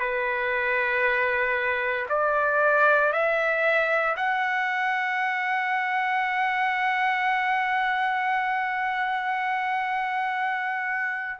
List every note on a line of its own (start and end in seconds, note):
0.00 2.07 B4
2.09 3.13 D5
3.13 4.16 E5
4.17 11.40 F#5